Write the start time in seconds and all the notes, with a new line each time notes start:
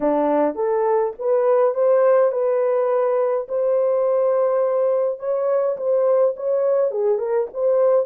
0.00 D4
0.55 A4
1.19 B4
1.74 C5
2.31 B4
3.48 C5
5.19 C#5
5.77 C5
6.36 C#5
6.91 G#4
7.18 A#4
7.53 C5